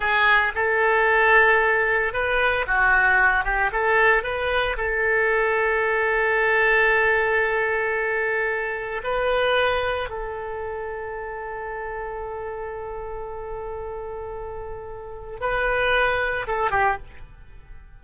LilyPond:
\new Staff \with { instrumentName = "oboe" } { \time 4/4 \tempo 4 = 113 gis'4 a'2. | b'4 fis'4. g'8 a'4 | b'4 a'2.~ | a'1~ |
a'4 b'2 a'4~ | a'1~ | a'1~ | a'4 b'2 a'8 g'8 | }